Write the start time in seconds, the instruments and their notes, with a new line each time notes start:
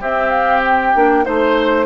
0.00 bassoon C4, clarinet C4, oboe G4, flute E5
0.30 flute F5
0.64 flute G5
0.95 bassoon A#3, clarinet D4
1.24 bassoon A3, clarinet D#4, flute C5, oboe C5